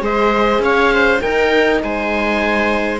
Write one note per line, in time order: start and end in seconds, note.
0.00 0.58 G#3
0.00 1.20 G#4
0.00 0.63 C5
0.00 0.63 D#5
0.58 1.18 C#4
0.58 0.93 C#5
0.58 1.21 F5
0.93 1.21 C5
1.21 1.83 D#4
1.21 3.00 D#4
1.21 1.81 A#4
1.21 1.81 G5
1.83 3.00 G#3
1.83 3.00 C5
1.83 3.00 G#5